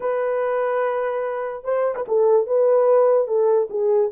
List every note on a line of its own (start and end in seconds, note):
0.00 1.63 B4
1.63 1.94 C5
1.95 2.05 B4
2.08 2.47 A4
2.47 3.27 B4
3.27 3.68 A4
3.70 4.11 G#4